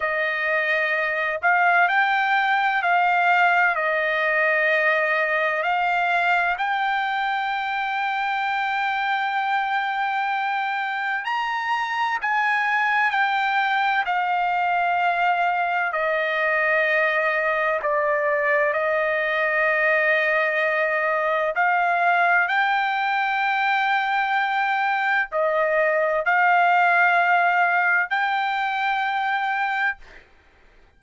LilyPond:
\new Staff \with { instrumentName = "trumpet" } { \time 4/4 \tempo 4 = 64 dis''4. f''8 g''4 f''4 | dis''2 f''4 g''4~ | g''1 | ais''4 gis''4 g''4 f''4~ |
f''4 dis''2 d''4 | dis''2. f''4 | g''2. dis''4 | f''2 g''2 | }